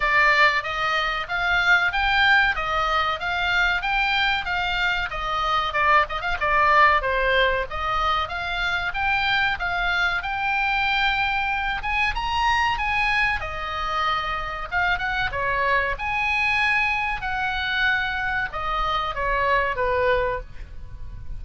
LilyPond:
\new Staff \with { instrumentName = "oboe" } { \time 4/4 \tempo 4 = 94 d''4 dis''4 f''4 g''4 | dis''4 f''4 g''4 f''4 | dis''4 d''8 dis''16 f''16 d''4 c''4 | dis''4 f''4 g''4 f''4 |
g''2~ g''8 gis''8 ais''4 | gis''4 dis''2 f''8 fis''8 | cis''4 gis''2 fis''4~ | fis''4 dis''4 cis''4 b'4 | }